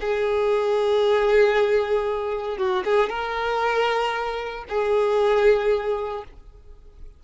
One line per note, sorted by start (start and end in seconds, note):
0.00 2.57 G#4
2.57 2.83 F#4
2.84 3.09 G#4
3.09 4.64 A#4
4.69 6.24 G#4